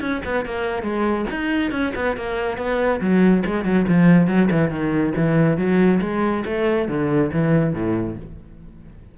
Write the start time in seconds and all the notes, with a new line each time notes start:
0.00 C#4
0.25 B3
0.45 A#3
0.82 G#3
1.30 D#4
1.71 C#4
1.95 B3
2.17 A#3
2.57 B3
3.01 F#3
3.46 G#3
3.65 F#3
3.88 F3
4.27 F#3
4.51 E3
4.70 D#3
5.16 E3
5.58 F#3
6.01 G#3
6.45 A3
6.88 D3
7.32 E3
7.74 A2